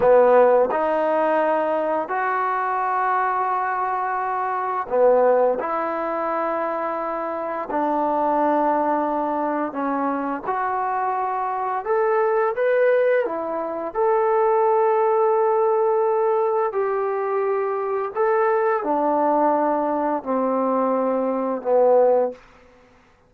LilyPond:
\new Staff \with { instrumentName = "trombone" } { \time 4/4 \tempo 4 = 86 b4 dis'2 fis'4~ | fis'2. b4 | e'2. d'4~ | d'2 cis'4 fis'4~ |
fis'4 a'4 b'4 e'4 | a'1 | g'2 a'4 d'4~ | d'4 c'2 b4 | }